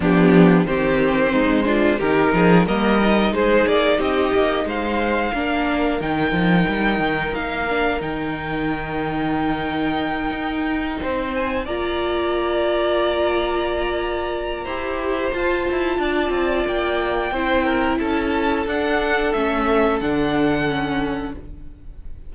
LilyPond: <<
  \new Staff \with { instrumentName = "violin" } { \time 4/4 \tempo 4 = 90 g'4 c''2 ais'4 | dis''4 c''8 d''8 dis''4 f''4~ | f''4 g''2 f''4 | g''1~ |
g''4 gis''8 ais''2~ ais''8~ | ais''2. a''4~ | a''4 g''2 a''4 | fis''4 e''4 fis''2 | }
  \new Staff \with { instrumentName = "violin" } { \time 4/4 d'4 g'4 dis'8 f'8 g'8 gis'8 | ais'4 gis'4 g'4 c''4 | ais'1~ | ais'1~ |
ais'8 c''4 d''2~ d''8~ | d''2 c''2 | d''2 c''8 ais'8 a'4~ | a'1 | }
  \new Staff \with { instrumentName = "viola" } { \time 4/4 b4 c'4. d'8 dis'4 | ais8 dis'2.~ dis'8 | d'4 dis'2~ dis'8 d'8 | dis'1~ |
dis'4. f'2~ f'8~ | f'2 g'4 f'4~ | f'2 e'2 | d'4 cis'4 d'4 cis'4 | }
  \new Staff \with { instrumentName = "cello" } { \time 4/4 f4 dis4 gis4 dis8 f8 | g4 gis8 ais8 c'8 ais8 gis4 | ais4 dis8 f8 g8 dis8 ais4 | dis2.~ dis8 dis'8~ |
dis'8 c'4 ais2~ ais8~ | ais2 e'4 f'8 e'8 | d'8 c'8 ais4 c'4 cis'4 | d'4 a4 d2 | }
>>